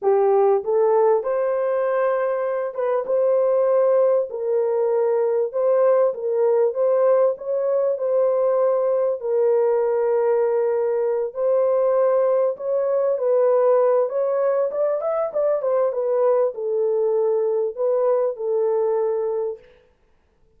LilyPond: \new Staff \with { instrumentName = "horn" } { \time 4/4 \tempo 4 = 98 g'4 a'4 c''2~ | c''8 b'8 c''2 ais'4~ | ais'4 c''4 ais'4 c''4 | cis''4 c''2 ais'4~ |
ais'2~ ais'8 c''4.~ | c''8 cis''4 b'4. cis''4 | d''8 e''8 d''8 c''8 b'4 a'4~ | a'4 b'4 a'2 | }